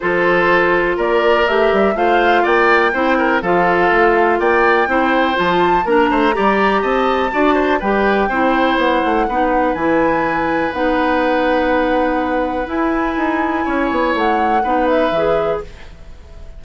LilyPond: <<
  \new Staff \with { instrumentName = "flute" } { \time 4/4 \tempo 4 = 123 c''2 d''4 e''4 | f''4 g''2 f''4~ | f''4 g''2 a''4 | ais''2 a''2 |
g''2 fis''2 | gis''2 fis''2~ | fis''2 gis''2~ | gis''4 fis''4. e''4. | }
  \new Staff \with { instrumentName = "oboe" } { \time 4/4 a'2 ais'2 | c''4 d''4 c''8 ais'8 a'4~ | a'4 d''4 c''2 | ais'8 c''8 d''4 dis''4 d''8 c''8 |
b'4 c''2 b'4~ | b'1~ | b'1 | cis''2 b'2 | }
  \new Staff \with { instrumentName = "clarinet" } { \time 4/4 f'2. g'4 | f'2 e'4 f'4~ | f'2 e'4 f'4 | d'4 g'2 fis'4 |
g'4 e'2 dis'4 | e'2 dis'2~ | dis'2 e'2~ | e'2 dis'4 gis'4 | }
  \new Staff \with { instrumentName = "bassoon" } { \time 4/4 f2 ais4 a8 g8 | a4 ais4 c'4 f4 | a4 ais4 c'4 f4 | ais8 a8 g4 c'4 d'4 |
g4 c'4 b8 a8 b4 | e2 b2~ | b2 e'4 dis'4 | cis'8 b8 a4 b4 e4 | }
>>